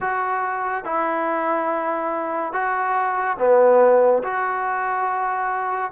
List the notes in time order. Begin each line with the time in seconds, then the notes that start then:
0.00 F#4
0.84 E4
2.52 F#4
3.38 B3
4.23 F#4